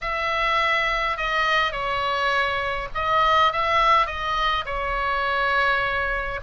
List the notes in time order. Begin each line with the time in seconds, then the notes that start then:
0.01 E5
1.17 D#5
1.72 C#5
2.94 D#5
3.52 E5
4.06 D#5
4.65 C#5